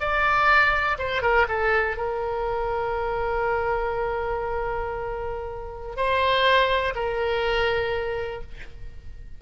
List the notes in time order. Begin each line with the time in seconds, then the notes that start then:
0.00 D5
0.98 C5
1.22 A#4
1.48 A4
1.97 A#4
5.96 C5
6.95 A#4